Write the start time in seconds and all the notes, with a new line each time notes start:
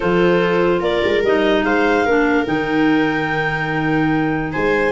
0.00 F3 F4 A4 C5
0.79 A#3 A#4 D5
1.04 G#3
1.23 G3 D#4 D#5
1.64 G#3 C5 F5
2.05 A#3 D4 A#4
2.45 D#3 D#4 G5
4.52 G#3 C5 G#5